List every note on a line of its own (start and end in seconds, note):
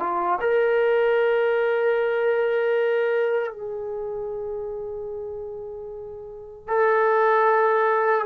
0.00 0.39 F4
0.41 3.52 A#4
3.52 6.68 G#4
6.68 8.26 A4